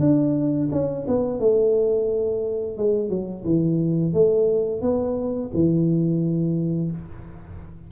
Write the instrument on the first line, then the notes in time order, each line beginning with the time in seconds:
tuba
0.00 D4
0.72 C#4
1.08 B3
1.39 A3
2.77 G#3
3.09 F#3
3.45 E3
4.13 A3
4.82 B3
5.54 E3